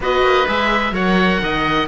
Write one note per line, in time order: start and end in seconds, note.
0.00 0.22 B3
0.00 0.47 F#4
0.00 0.93 B4
0.00 0.47 D#5
0.22 0.45 A#3
0.47 0.91 G#3
0.47 0.93 G#4
0.47 0.94 E5
0.91 1.38 F#3
0.91 1.87 A#4
0.91 1.40 C#5
0.91 1.87 F#5
1.41 1.87 D#3
1.41 1.87 D#5